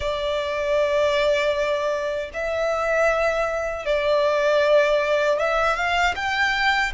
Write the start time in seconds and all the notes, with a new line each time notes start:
0.00 D5
2.33 E5
3.85 D5
5.38 E5
5.76 F5
6.15 G5